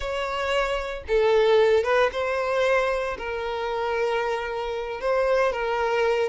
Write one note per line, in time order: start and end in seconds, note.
0.00 1.03 C#5
1.07 1.83 A4
1.83 2.09 B4
2.11 3.17 C5
3.17 5.00 A#4
5.00 5.52 C5
5.52 6.29 A#4